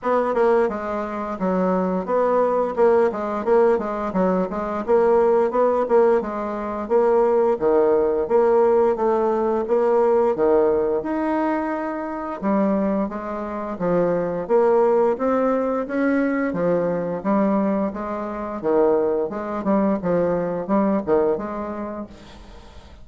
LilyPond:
\new Staff \with { instrumentName = "bassoon" } { \time 4/4 \tempo 4 = 87 b8 ais8 gis4 fis4 b4 | ais8 gis8 ais8 gis8 fis8 gis8 ais4 | b8 ais8 gis4 ais4 dis4 | ais4 a4 ais4 dis4 |
dis'2 g4 gis4 | f4 ais4 c'4 cis'4 | f4 g4 gis4 dis4 | gis8 g8 f4 g8 dis8 gis4 | }